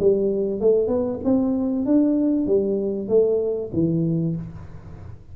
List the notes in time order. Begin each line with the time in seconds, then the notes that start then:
0.00 G3
0.61 A3
0.88 B3
1.25 C4
1.86 D4
2.47 G3
3.09 A3
3.74 E3